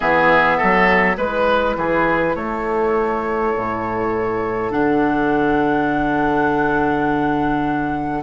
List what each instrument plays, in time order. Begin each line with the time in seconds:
0.00 bassoon E3, clarinet B3, oboe G#4, flute E5
0.57 bassoon F#3, oboe A4
1.17 bassoon G#3, clarinet E4, oboe B4, flute B4
1.76 bassoon E3, oboe G#4
2.35 bassoon A3, oboe A4, flute C#5
3.56 bassoon A2
4.70 bassoon D3, clarinet D4, flute F#5